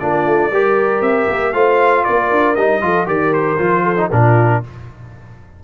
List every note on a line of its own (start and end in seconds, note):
0.00 0.26 A#3
0.00 0.51 D4
0.00 0.52 F4
0.00 1.02 D5
0.26 0.52 A3
0.52 1.01 G3
0.52 1.54 G4
0.52 1.54 A#4
1.01 1.27 C4
1.01 1.54 E5
1.29 1.54 A#3
1.54 2.05 A3
1.54 2.56 F4
1.54 2.05 C5
1.54 2.04 F5
2.04 2.31 A#3
2.04 2.82 A#4
2.04 2.55 D5
2.31 2.57 D4
2.55 2.82 G3
2.55 2.82 D#4
2.55 3.07 D#5
2.82 3.07 F3
2.82 3.06 F4
2.82 3.08 A4
3.06 3.58 D#3
3.06 3.57 G4
3.06 3.84 A#4
3.06 3.34 D5
3.34 4.10 C5
3.58 4.10 F3
3.58 3.97 F4
3.84 4.10 A4
3.97 4.10 D#4
4.12 4.63 A#2
4.12 4.63 D4
4.12 4.63 F4
4.12 4.64 A#4